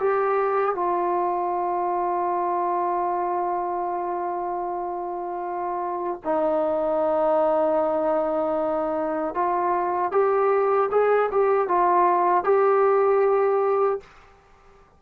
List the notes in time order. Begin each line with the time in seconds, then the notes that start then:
0.00 G4
0.75 F4
6.24 D#4
9.34 F4
10.12 G4
10.91 G#4
11.32 G4
11.68 F4
12.44 G4